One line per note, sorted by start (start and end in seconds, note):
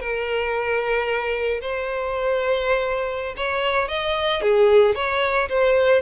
0.00 1.61 A#4
1.61 3.35 C5
3.37 3.88 C#5
3.88 4.42 D#5
4.42 4.95 G#4
4.95 5.48 C#5
5.49 6.02 C5